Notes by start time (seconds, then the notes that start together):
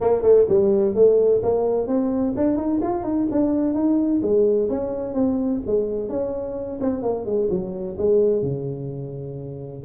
0.01 A#3
0.22 A3
0.48 G3
0.94 A3
1.42 A#3
1.87 C4
2.36 D4
2.56 D#4
2.81 F4
3.03 D#4
3.31 D4
3.74 D#4
4.22 G#3
4.69 C#4
5.13 C4
5.66 G#3
6.09 C#4
6.81 C4
7.02 A#3
7.25 G#3
7.50 F#3
7.98 G#3
8.42 C#3